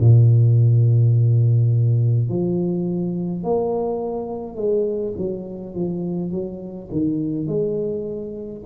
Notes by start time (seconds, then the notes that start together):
0.00 A#2
2.29 F3
3.43 A#3
4.55 G#3
5.17 F#3
5.74 F3
6.31 F#3
6.91 D#3
7.47 G#3